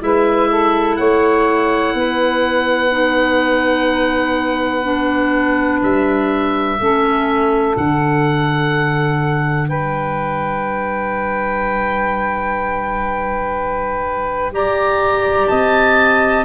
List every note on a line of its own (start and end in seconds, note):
0.00 0.98 G#3
0.00 2.90 E4
0.00 0.50 B4
0.00 0.96 E5
0.50 0.98 A4
0.96 1.94 A3
0.96 1.95 C#5
0.96 5.80 F#5
1.94 5.81 B3
1.94 6.80 B4
2.91 4.83 D#4
4.83 6.77 D4
5.83 6.80 G3
5.83 7.77 E5
6.80 7.77 A3
6.80 7.77 C#4
6.80 9.69 A4
7.77 9.71 D3
7.77 14.52 D4
7.77 9.69 F#5
9.69 15.51 G3
9.69 14.52 B4
9.69 14.53 G5
14.52 16.45 G4
14.52 15.50 D5
14.52 15.48 A#5
15.48 16.45 C4
15.48 16.45 D#5
15.48 16.45 A5